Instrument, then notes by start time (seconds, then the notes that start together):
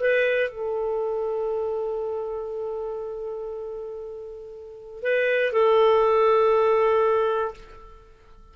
clarinet
0.00 B4
0.50 A4
5.03 B4
5.53 A4